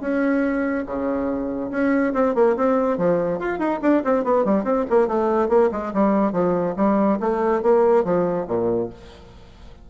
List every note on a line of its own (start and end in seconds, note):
0.00 0.85 C#4
0.86 1.70 C#3
1.71 2.13 C#4
2.13 2.35 C4
2.35 2.56 A#3
2.56 2.97 C4
2.97 3.39 F3
3.39 3.58 F4
3.58 3.80 D#4
3.82 4.03 D4
4.04 4.24 C4
4.24 4.44 B3
4.44 4.64 G3
4.64 4.85 C4
4.90 5.07 A#3
5.07 5.49 A3
5.49 5.70 A#3
5.71 5.93 G#3
5.94 6.32 G3
6.32 6.74 F3
6.76 7.19 G3
7.20 7.62 A3
7.62 8.04 A#3
8.04 8.46 F3
8.47 8.89 A#2